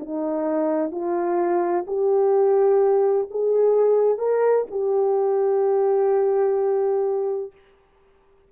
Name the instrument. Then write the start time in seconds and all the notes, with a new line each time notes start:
horn
0.00 D#4
0.92 F4
1.87 G4
3.31 G#4
4.18 A#4
4.71 G4